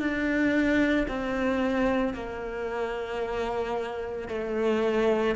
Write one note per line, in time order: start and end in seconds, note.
0.00 1.07 D4
1.08 2.14 C4
2.14 4.29 A#3
4.29 5.36 A3